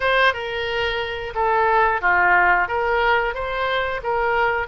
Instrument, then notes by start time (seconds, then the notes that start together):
oboe
0.00 C5
0.33 A#4
1.34 A4
2.01 F4
2.68 A#4
3.34 C5
4.03 A#4